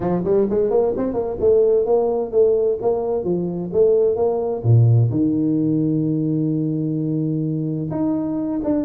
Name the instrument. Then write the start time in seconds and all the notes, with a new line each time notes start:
tuba
0.00 F3
0.24 G3
0.50 G#3
0.70 A#3
0.96 C4
1.13 A#3
1.40 A3
1.85 A#3
2.31 A3
2.81 A#3
3.24 F3
3.72 A3
4.16 A#3
4.63 A#2
5.10 D#3
7.90 D#4
8.64 D4